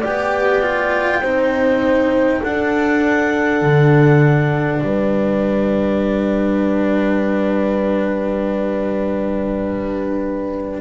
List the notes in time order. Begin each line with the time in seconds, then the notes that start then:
0.00 B3 G4 D5 G5
0.61 F4
1.20 C4 D#4 C5
2.40 D4 A4 F#5
3.61 D3
4.82 G3 B4 G5